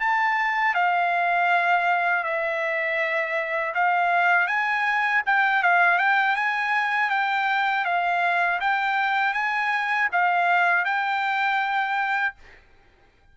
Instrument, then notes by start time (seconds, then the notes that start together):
trumpet
0.00 A5
0.75 F5
2.24 E5
3.75 F5
4.47 G#5
5.26 G5
5.63 F5
5.99 G5
6.36 G#5
7.10 G5
7.85 F5
8.60 G5
9.34 G#5
10.12 F5
10.85 G5